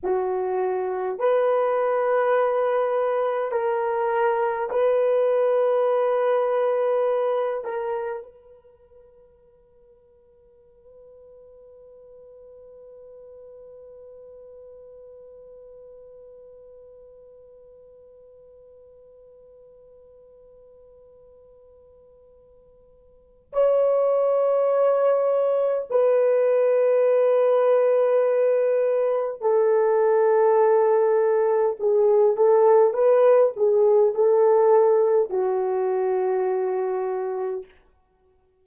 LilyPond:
\new Staff \with { instrumentName = "horn" } { \time 4/4 \tempo 4 = 51 fis'4 b'2 ais'4 | b'2~ b'8 ais'8 b'4~ | b'1~ | b'1~ |
b'1 | cis''2 b'2~ | b'4 a'2 gis'8 a'8 | b'8 gis'8 a'4 fis'2 | }